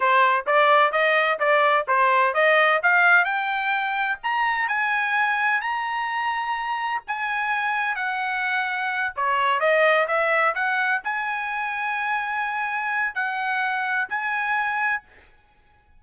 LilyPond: \new Staff \with { instrumentName = "trumpet" } { \time 4/4 \tempo 4 = 128 c''4 d''4 dis''4 d''4 | c''4 dis''4 f''4 g''4~ | g''4 ais''4 gis''2 | ais''2. gis''4~ |
gis''4 fis''2~ fis''8 cis''8~ | cis''8 dis''4 e''4 fis''4 gis''8~ | gis''1 | fis''2 gis''2 | }